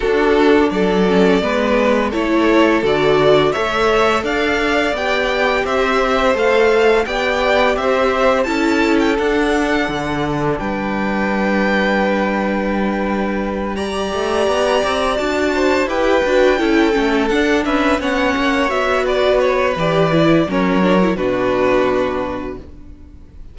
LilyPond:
<<
  \new Staff \with { instrumentName = "violin" } { \time 4/4 \tempo 4 = 85 a'4 d''2 cis''4 | d''4 e''4 f''4 g''4 | e''4 f''4 g''4 e''4 | a''8. g''16 fis''2 g''4~ |
g''2.~ g''8 ais''8~ | ais''4. a''4 g''4.~ | g''8 fis''8 e''8 fis''4 e''8 d''8 cis''8 | d''4 cis''4 b'2 | }
  \new Staff \with { instrumentName = "violin" } { \time 4/4 fis'4 a'4 b'4 a'4~ | a'4 cis''4 d''2 | c''2 d''4 c''4 | a'2. b'4~ |
b'2.~ b'8 d''8~ | d''2 c''8 b'4 a'8~ | a'4 b'8 cis''4. b'4~ | b'4 ais'4 fis'2 | }
  \new Staff \with { instrumentName = "viola" } { \time 4/4 d'4. cis'8 b4 e'4 | fis'4 a'2 g'4~ | g'4 a'4 g'2 | e'4 d'2.~ |
d'2.~ d'8 g'8~ | g'4. fis'4 g'8 fis'8 e'8 | cis'8 d'4 cis'4 fis'4. | g'8 e'8 cis'8 d'16 e'16 d'2 | }
  \new Staff \with { instrumentName = "cello" } { \time 4/4 d'4 fis4 gis4 a4 | d4 a4 d'4 b4 | c'4 a4 b4 c'4 | cis'4 d'4 d4 g4~ |
g1 | a8 b8 c'8 d'4 e'8 d'8 cis'8 | a8 d'8 cis'8 b8 ais8 b4. | e4 fis4 b,2 | }
>>